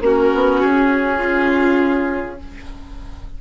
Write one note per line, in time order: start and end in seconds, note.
0.00 0.30 A#3
0.00 2.38 C#4
0.00 1.17 F#4
0.00 0.61 A#4
0.34 0.63 B3
0.61 2.41 C#4
0.61 2.39 G#4
1.17 2.36 F4